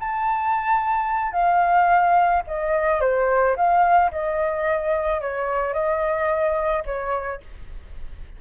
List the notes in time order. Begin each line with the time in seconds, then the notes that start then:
0.00 A5
1.33 F5
2.47 D#5
3.01 C5
3.56 F5
4.12 D#5
5.21 C#5
5.73 D#5
6.86 C#5